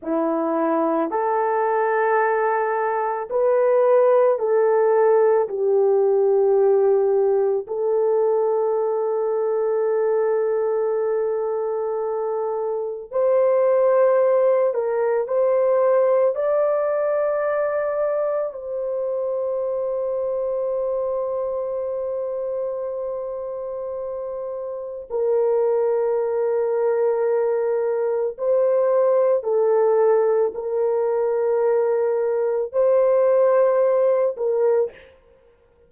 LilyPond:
\new Staff \with { instrumentName = "horn" } { \time 4/4 \tempo 4 = 55 e'4 a'2 b'4 | a'4 g'2 a'4~ | a'1 | c''4. ais'8 c''4 d''4~ |
d''4 c''2.~ | c''2. ais'4~ | ais'2 c''4 a'4 | ais'2 c''4. ais'8 | }